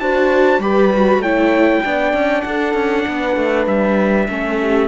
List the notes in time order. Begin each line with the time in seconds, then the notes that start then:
0.00 D4 F#4 C5 A5
0.59 G3 G4 B4 B5
0.94 F#4
1.18 A3 E4 C#5 G5
1.84 B3 D4 D5
2.13 C#4
2.42 D4 A4 F#5
2.74 C#4
3.07 B3 B4
3.36 A3
3.67 G3 E5
4.28 A3 C#4 A4
4.60 G4